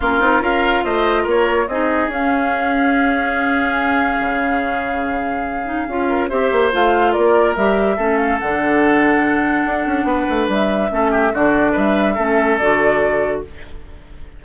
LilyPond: <<
  \new Staff \with { instrumentName = "flute" } { \time 4/4 \tempo 4 = 143 ais'4 f''4 dis''4 cis''4 | dis''4 f''2.~ | f''1~ | f''2. e''4 |
f''4 d''4 e''4. f''8 | fis''1~ | fis''4 e''2 d''4 | e''2 d''2 | }
  \new Staff \with { instrumentName = "oboe" } { \time 4/4 f'4 ais'4 c''4 ais'4 | gis'1~ | gis'1~ | gis'2~ gis'8 ais'8 c''4~ |
c''4 ais'2 a'4~ | a'1 | b'2 a'8 g'8 fis'4 | b'4 a'2. | }
  \new Staff \with { instrumentName = "clarinet" } { \time 4/4 cis'8 dis'8 f'2. | dis'4 cis'2.~ | cis'1~ | cis'4. dis'8 f'4 g'4 |
f'2 g'4 cis'4 | d'1~ | d'2 cis'4 d'4~ | d'4 cis'4 fis'2 | }
  \new Staff \with { instrumentName = "bassoon" } { \time 4/4 ais8 c'8 cis'4 a4 ais4 | c'4 cis'2.~ | cis'2 cis2~ | cis2 cis'4 c'8 ais8 |
a4 ais4 g4 a4 | d2. d'8 cis'8 | b8 a8 g4 a4 d4 | g4 a4 d2 | }
>>